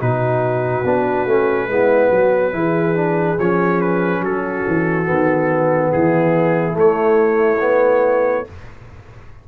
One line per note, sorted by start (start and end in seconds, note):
0.00 0.85 B2
0.00 0.85 D#4
0.00 1.70 F#4
0.00 3.40 B4
0.85 1.26 B3
0.85 1.28 D4
1.26 1.68 A3
1.26 1.69 C#4
1.68 2.10 G#3
1.68 2.53 B3
1.68 2.11 E4
2.11 2.53 F#3
2.11 2.53 F#4
2.53 3.38 E3
2.53 2.95 E4
2.53 4.24 G#4
2.95 3.38 D4
3.39 4.20 F3
3.39 5.04 C#4
3.39 3.81 C#5
3.81 4.24 B4
4.20 4.63 F#3
4.20 5.92 F#4
4.20 5.92 A4
4.68 5.09 E3
5.04 5.94 D#3
5.04 6.73 B3
5.92 6.77 E3
5.92 8.46 E4
5.92 6.77 G#4
6.73 7.57 A3
6.73 8.46 A3
6.79 8.48 C#5
7.61 8.45 B3